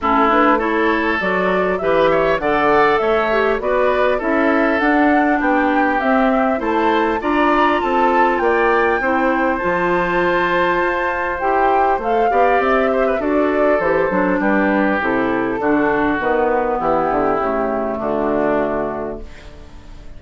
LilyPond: <<
  \new Staff \with { instrumentName = "flute" } { \time 4/4 \tempo 4 = 100 a'8 b'8 cis''4 d''4 e''4 | fis''4 e''4 d''4 e''4 | fis''4 g''4 e''4 a''4 | ais''4 a''4 g''2 |
a''2. g''4 | f''4 e''4 d''4 c''4 | b'4 a'2 b'4 | g'2 fis'2 | }
  \new Staff \with { instrumentName = "oboe" } { \time 4/4 e'4 a'2 b'8 cis''8 | d''4 cis''4 b'4 a'4~ | a'4 g'2 c''4 | d''4 a'4 d''4 c''4~ |
c''1~ | c''8 d''4 c''16 b'16 a'2 | g'2 fis'2 | e'2 d'2 | }
  \new Staff \with { instrumentName = "clarinet" } { \time 4/4 cis'8 d'8 e'4 fis'4 g'4 | a'4. g'8 fis'4 e'4 | d'2 c'4 e'4 | f'2. e'4 |
f'2. g'4 | a'8 g'4. fis'4 g'8 d'8~ | d'4 e'4 d'4 b4~ | b4 a2. | }
  \new Staff \with { instrumentName = "bassoon" } { \time 4/4 a2 fis4 e4 | d4 a4 b4 cis'4 | d'4 b4 c'4 a4 | d'4 c'4 ais4 c'4 |
f2 f'4 e'4 | a8 b8 c'4 d'4 e8 fis8 | g4 c4 d4 dis4 | e8 d8 cis4 d2 | }
>>